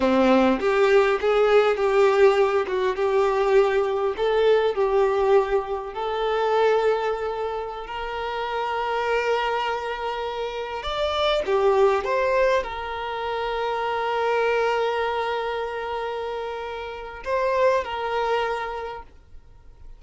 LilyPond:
\new Staff \with { instrumentName = "violin" } { \time 4/4 \tempo 4 = 101 c'4 g'4 gis'4 g'4~ | g'8 fis'8 g'2 a'4 | g'2 a'2~ | a'4~ a'16 ais'2~ ais'8.~ |
ais'2~ ais'16 d''4 g'8.~ | g'16 c''4 ais'2~ ais'8.~ | ais'1~ | ais'4 c''4 ais'2 | }